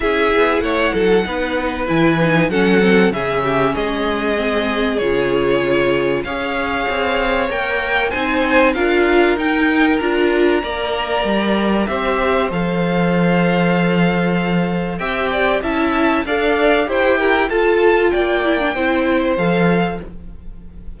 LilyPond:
<<
  \new Staff \with { instrumentName = "violin" } { \time 4/4 \tempo 4 = 96 e''4 fis''2 gis''4 | fis''4 e''4 dis''2 | cis''2 f''2 | g''4 gis''4 f''4 g''4 |
ais''2. e''4 | f''1 | g''4 a''4 f''4 g''4 | a''4 g''2 f''4 | }
  \new Staff \with { instrumentName = "violin" } { \time 4/4 gis'4 cis''8 a'8 b'2 | a'4 gis'8 g'8 gis'2~ | gis'2 cis''2~ | cis''4 c''4 ais'2~ |
ais'4 d''2 c''4~ | c''1 | e''8 d''8 e''4 d''4 c''8 ais'8 | a'4 d''4 c''2 | }
  \new Staff \with { instrumentName = "viola" } { \time 4/4 e'2 dis'4 e'8 dis'8 | cis'8 c'8 cis'2 c'4 | f'2 gis'2 | ais'4 dis'4 f'4 dis'4 |
f'4 ais'2 g'4 | a'1 | g'4 e'4 a'4 g'4 | f'4. e'16 d'16 e'4 a'4 | }
  \new Staff \with { instrumentName = "cello" } { \time 4/4 cis'8 b8 a8 fis8 b4 e4 | fis4 cis4 gis2 | cis2 cis'4 c'4 | ais4 c'4 d'4 dis'4 |
d'4 ais4 g4 c'4 | f1 | c'4 cis'4 d'4 e'4 | f'4 ais4 c'4 f4 | }
>>